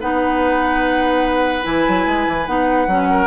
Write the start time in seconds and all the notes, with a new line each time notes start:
0.00 B3 D#4 B4 F#5
1.62 E3 E4 G#5
1.87 F#3
2.06 G#3
2.27 E3
2.46 B3 D#4 F#5
2.87 F#3 C#4
3.10 A#4